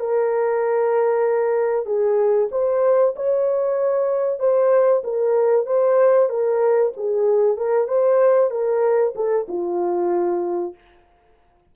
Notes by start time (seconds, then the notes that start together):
0.00 A#4
1.86 G#4
2.52 C5
3.16 C#5
4.40 C5
5.04 A#4
5.67 C5
6.30 A#4
6.97 G#4
7.58 A#4
7.88 C5
8.51 A#4
9.16 A4
9.49 F4